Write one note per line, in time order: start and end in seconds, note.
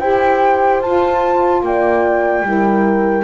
0.00 0.81 E4
0.00 0.83 G4
0.00 1.63 C5
0.00 0.81 G5
0.81 1.62 F4
0.81 2.44 F4
0.81 1.63 A5
1.62 2.42 A#3
1.62 2.48 D5
1.62 3.24 G5
2.42 3.23 G3
2.42 3.24 E4
2.48 3.24 A#4